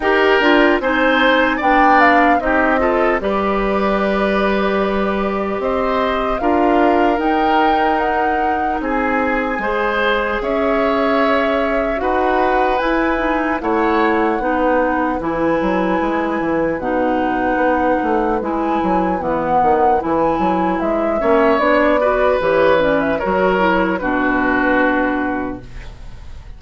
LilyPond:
<<
  \new Staff \with { instrumentName = "flute" } { \time 4/4 \tempo 4 = 75 g''4 gis''4 g''8 f''8 dis''4 | d''2. dis''4 | f''4 g''4 fis''4 gis''4~ | gis''4 e''2 fis''4 |
gis''4 fis''2 gis''4~ | gis''4 fis''2 gis''4 | fis''4 gis''4 e''4 d''4 | cis''8 d''16 e''16 cis''4 b'2 | }
  \new Staff \with { instrumentName = "oboe" } { \time 4/4 ais'4 c''4 d''4 g'8 a'8 | b'2. c''4 | ais'2. gis'4 | c''4 cis''2 b'4~ |
b'4 cis''4 b'2~ | b'1~ | b'2~ b'8 cis''4 b'8~ | b'4 ais'4 fis'2 | }
  \new Staff \with { instrumentName = "clarinet" } { \time 4/4 g'8 f'8 dis'4 d'4 dis'8 f'8 | g'1 | f'4 dis'2. | gis'2. fis'4 |
e'8 dis'8 e'4 dis'4 e'4~ | e'4 dis'2 e'4 | b4 e'4. cis'8 d'8 fis'8 | g'8 cis'8 fis'8 e'8 d'2 | }
  \new Staff \with { instrumentName = "bassoon" } { \time 4/4 dis'8 d'8 c'4 b4 c'4 | g2. c'4 | d'4 dis'2 c'4 | gis4 cis'2 dis'4 |
e'4 a4 b4 e8 fis8 | gis8 e8 b,4 b8 a8 gis8 fis8 | e8 dis8 e8 fis8 gis8 ais8 b4 | e4 fis4 b,2 | }
>>